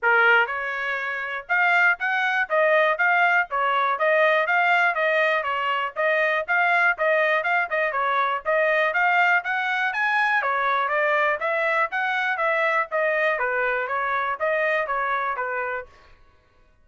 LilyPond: \new Staff \with { instrumentName = "trumpet" } { \time 4/4 \tempo 4 = 121 ais'4 cis''2 f''4 | fis''4 dis''4 f''4 cis''4 | dis''4 f''4 dis''4 cis''4 | dis''4 f''4 dis''4 f''8 dis''8 |
cis''4 dis''4 f''4 fis''4 | gis''4 cis''4 d''4 e''4 | fis''4 e''4 dis''4 b'4 | cis''4 dis''4 cis''4 b'4 | }